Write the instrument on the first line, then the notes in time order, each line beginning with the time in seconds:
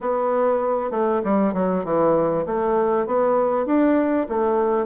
bassoon
0.00 B3
0.90 A3
1.24 G3
1.53 F#3
1.84 E3
2.46 A3
3.06 B3
3.65 D4
4.29 A3